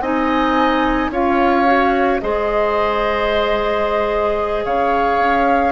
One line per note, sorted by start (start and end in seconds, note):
0.00 1.09 C4
0.00 1.12 D#4
0.00 1.11 D#5
0.00 1.11 G#5
1.10 2.19 C#4
1.10 1.65 F4
1.10 2.21 C#5
1.10 2.20 F5
1.65 2.20 F#4
2.20 4.65 G#3
2.20 5.72 G#4
2.20 4.65 C5
2.20 4.65 D#5
4.65 5.18 C#3
4.65 5.72 C#5
4.65 5.72 F5
5.18 5.72 C#4